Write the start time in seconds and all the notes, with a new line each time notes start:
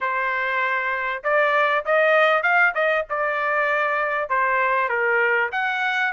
0.00 C5
1.23 D5
1.85 D#5
2.42 F5
2.74 D#5
3.09 D5
4.29 C5
4.88 A#4
5.52 F#5